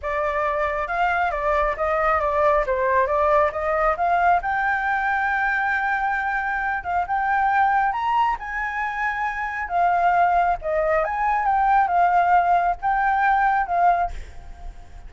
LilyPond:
\new Staff \with { instrumentName = "flute" } { \time 4/4 \tempo 4 = 136 d''2 f''4 d''4 | dis''4 d''4 c''4 d''4 | dis''4 f''4 g''2~ | g''2.~ g''8 f''8 |
g''2 ais''4 gis''4~ | gis''2 f''2 | dis''4 gis''4 g''4 f''4~ | f''4 g''2 f''4 | }